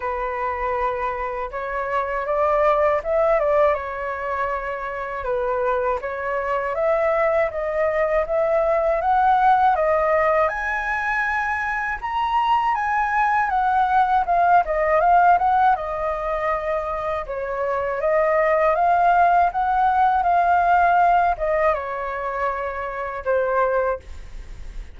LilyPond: \new Staff \with { instrumentName = "flute" } { \time 4/4 \tempo 4 = 80 b'2 cis''4 d''4 | e''8 d''8 cis''2 b'4 | cis''4 e''4 dis''4 e''4 | fis''4 dis''4 gis''2 |
ais''4 gis''4 fis''4 f''8 dis''8 | f''8 fis''8 dis''2 cis''4 | dis''4 f''4 fis''4 f''4~ | f''8 dis''8 cis''2 c''4 | }